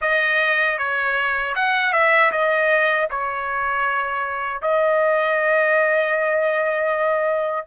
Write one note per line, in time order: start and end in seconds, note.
0.01 0.77 D#5
0.77 1.54 C#5
1.55 1.92 F#5
1.92 2.31 E5
2.31 3.08 D#5
3.10 4.61 C#5
4.61 7.67 D#5